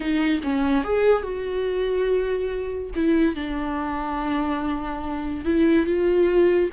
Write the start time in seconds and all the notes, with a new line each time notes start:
0.00 D#4
0.43 C#4
0.84 G#4
1.22 F#4
2.95 E4
3.35 D4
5.44 E4
5.86 F4